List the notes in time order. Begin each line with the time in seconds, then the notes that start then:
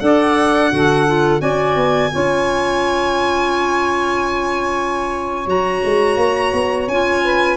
0.00 D4 A4 D5 F#5
0.71 D3 F#4 A4
1.07 F4
1.40 C#4 F#4 D5 G#5
1.76 B3
2.13 C#4 F4 C#5
5.47 F#3 F#4 A#5
5.85 G#3
6.17 A#3
6.53 B3
6.88 C#4 F4 G#5
7.24 B4